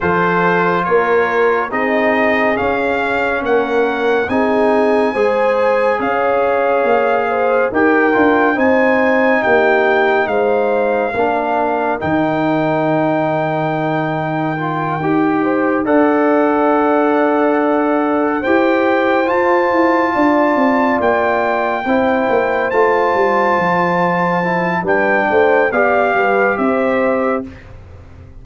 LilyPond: <<
  \new Staff \with { instrumentName = "trumpet" } { \time 4/4 \tempo 4 = 70 c''4 cis''4 dis''4 f''4 | fis''4 gis''2 f''4~ | f''4 g''4 gis''4 g''4 | f''2 g''2~ |
g''2~ g''8 fis''4.~ | fis''4. g''4 a''4.~ | a''8 g''2 a''4.~ | a''4 g''4 f''4 e''4 | }
  \new Staff \with { instrumentName = "horn" } { \time 4/4 a'4 ais'4 gis'2 | ais'4 gis'4 c''4 cis''4~ | cis''8 c''8 ais'4 c''4 g'4 | c''4 ais'2.~ |
ais'2 c''8 d''4.~ | d''4. c''2 d''8~ | d''4. c''2~ c''8~ | c''4 b'8 c''8 d''8 b'8 c''4 | }
  \new Staff \with { instrumentName = "trombone" } { \time 4/4 f'2 dis'4 cis'4~ | cis'4 dis'4 gis'2~ | gis'4 g'8 f'8 dis'2~ | dis'4 d'4 dis'2~ |
dis'4 f'8 g'4 a'4.~ | a'4. g'4 f'4.~ | f'4. e'4 f'4.~ | f'8 e'8 d'4 g'2 | }
  \new Staff \with { instrumentName = "tuba" } { \time 4/4 f4 ais4 c'4 cis'4 | ais4 c'4 gis4 cis'4 | ais4 dis'8 d'8 c'4 ais4 | gis4 ais4 dis2~ |
dis4. dis'4 d'4.~ | d'4. e'4 f'8 e'8 d'8 | c'8 ais4 c'8 ais8 a8 g8 f8~ | f4 g8 a8 b8 g8 c'4 | }
>>